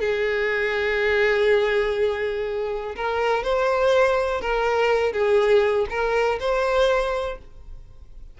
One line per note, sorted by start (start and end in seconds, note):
0.00 2.95 G#4
2.96 3.43 A#4
3.43 4.41 C5
4.41 5.12 A#4
5.12 5.86 G#4
5.89 6.39 A#4
6.40 7.38 C5